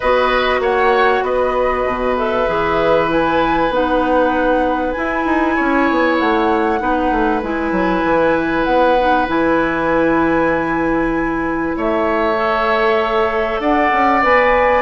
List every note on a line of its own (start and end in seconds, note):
0.00 0.59 B3
0.00 2.17 F#4
0.00 0.60 B4
0.00 0.62 D#5
0.59 1.21 A#3
0.59 1.23 C#5
0.59 1.23 F#5
1.22 1.84 B3
1.22 5.55 B4
1.22 2.16 D#5
1.85 2.47 B2
2.17 2.47 A4
2.17 3.10 E5
2.47 3.69 E3
2.47 3.08 G#4
3.08 3.70 E4
3.08 3.73 G#5
3.69 4.93 B3
3.69 4.95 D#4
3.69 4.92 F#5
4.92 6.79 E4
4.92 5.25 E4
4.92 6.15 G#5
5.25 5.56 D#4
5.55 5.90 C#4
5.55 6.79 C#5
5.90 6.20 B3
6.18 6.80 A3
6.18 7.42 F#5
6.79 7.11 B3
6.79 7.41 D#4
6.79 11.76 B4
7.11 7.42 A3
7.42 7.71 G#3
7.42 8.97 E4
7.42 8.64 G#5
7.71 8.02 F#3
8.04 8.66 E3
8.64 9.27 B3
8.64 9.26 F#5
8.99 9.27 D#4
9.27 11.75 E3
9.27 12.35 E4
9.27 11.76 G#5
11.76 13.59 A3
11.76 13.60 C#5
11.76 13.60 E5
12.35 14.21 A4
13.59 13.90 D4
13.59 14.82 D5
13.59 14.22 F#5
13.92 14.23 C#4
14.22 14.82 B3
14.22 14.82 B4
14.22 14.82 G#5